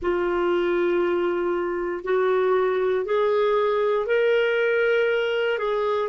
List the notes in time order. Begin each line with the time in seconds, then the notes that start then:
0.02 F4
2.03 F#4
3.05 G#4
4.06 A#4
5.58 G#4